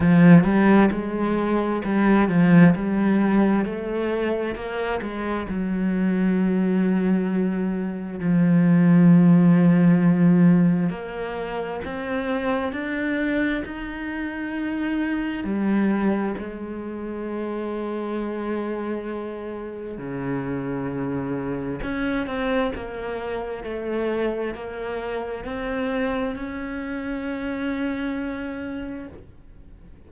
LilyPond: \new Staff \with { instrumentName = "cello" } { \time 4/4 \tempo 4 = 66 f8 g8 gis4 g8 f8 g4 | a4 ais8 gis8 fis2~ | fis4 f2. | ais4 c'4 d'4 dis'4~ |
dis'4 g4 gis2~ | gis2 cis2 | cis'8 c'8 ais4 a4 ais4 | c'4 cis'2. | }